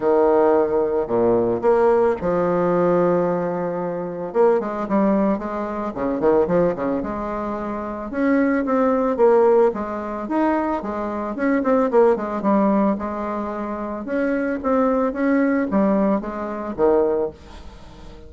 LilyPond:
\new Staff \with { instrumentName = "bassoon" } { \time 4/4 \tempo 4 = 111 dis2 ais,4 ais4 | f1 | ais8 gis8 g4 gis4 cis8 dis8 | f8 cis8 gis2 cis'4 |
c'4 ais4 gis4 dis'4 | gis4 cis'8 c'8 ais8 gis8 g4 | gis2 cis'4 c'4 | cis'4 g4 gis4 dis4 | }